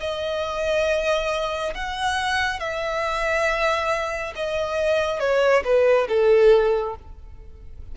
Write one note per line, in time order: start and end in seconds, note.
0.00 1.74 D#5
1.74 2.60 F#5
2.60 4.34 E5
4.36 5.19 D#5
5.19 5.63 C#5
5.64 6.08 B4
6.08 6.95 A4